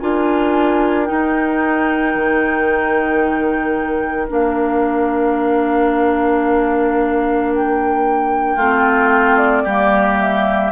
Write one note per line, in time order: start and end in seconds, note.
0.00 1.10 D4
0.00 1.06 F4
0.00 8.55 A#4
0.00 1.05 G#5
1.05 4.28 D#4
1.05 2.15 D#4
1.05 4.27 G5
2.15 4.29 D#3
4.29 8.57 A#3
4.29 8.57 D4
4.29 7.54 F5
7.54 9.37 G5
8.55 9.64 A3
8.55 9.67 C4
8.55 9.62 F4
9.37 10.18 D5
9.65 10.72 G3
9.65 10.72 A#3
9.65 10.72 G4
10.20 10.72 E5